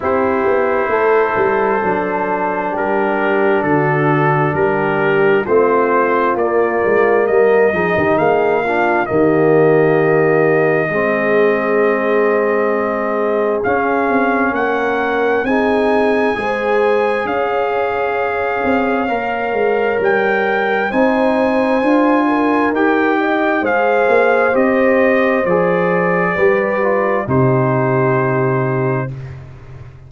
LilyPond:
<<
  \new Staff \with { instrumentName = "trumpet" } { \time 4/4 \tempo 4 = 66 c''2. ais'4 | a'4 ais'4 c''4 d''4 | dis''4 f''4 dis''2~ | dis''2. f''4 |
fis''4 gis''2 f''4~ | f''2 g''4 gis''4~ | gis''4 g''4 f''4 dis''4 | d''2 c''2 | }
  \new Staff \with { instrumentName = "horn" } { \time 4/4 g'4 a'2 g'4 | fis'4 g'4 f'2 | ais'8 gis'16 g'16 gis'8 f'8 g'2 | gis'1 |
ais'4 gis'4 c''4 cis''4~ | cis''2. c''4~ | c''8 ais'4 dis''8 c''2~ | c''4 b'4 g'2 | }
  \new Staff \with { instrumentName = "trombone" } { \time 4/4 e'2 d'2~ | d'2 c'4 ais4~ | ais8 dis'4 d'8 ais2 | c'2. cis'4~ |
cis'4 dis'4 gis'2~ | gis'4 ais'2 dis'4 | f'4 g'4 gis'4 g'4 | gis'4 g'8 f'8 dis'2 | }
  \new Staff \with { instrumentName = "tuba" } { \time 4/4 c'8 b8 a8 g8 fis4 g4 | d4 g4 a4 ais8 gis8 | g8 f16 dis16 ais4 dis2 | gis2. cis'8 c'8 |
ais4 c'4 gis4 cis'4~ | cis'8 c'8 ais8 gis8 g4 c'4 | d'4 dis'4 gis8 ais8 c'4 | f4 g4 c2 | }
>>